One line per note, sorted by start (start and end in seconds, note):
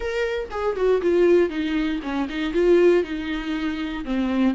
0.00 0.49 A#4
0.50 0.76 G#4
0.76 1.01 F#4
1.01 1.49 F4
1.49 2.00 D#4
2.02 2.28 C#4
2.29 2.53 D#4
2.53 3.03 F4
3.03 4.04 D#4
4.05 4.54 C4